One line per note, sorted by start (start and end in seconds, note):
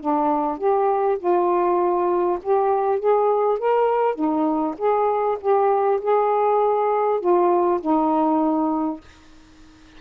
0.00 0.58 D4
0.58 1.18 G4
1.19 2.39 F4
2.42 2.99 G4
2.99 3.58 G#4
3.58 4.15 A#4
4.15 4.75 D#4
4.78 5.38 G#4
5.41 6.01 G4
6.02 7.20 G#4
7.20 7.80 F4
7.81 9.01 D#4